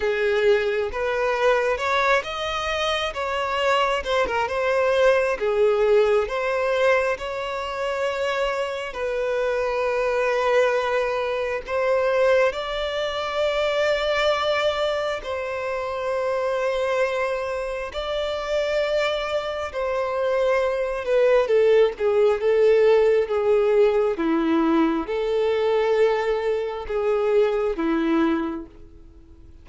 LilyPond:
\new Staff \with { instrumentName = "violin" } { \time 4/4 \tempo 4 = 67 gis'4 b'4 cis''8 dis''4 cis''8~ | cis''8 c''16 ais'16 c''4 gis'4 c''4 | cis''2 b'2~ | b'4 c''4 d''2~ |
d''4 c''2. | d''2 c''4. b'8 | a'8 gis'8 a'4 gis'4 e'4 | a'2 gis'4 e'4 | }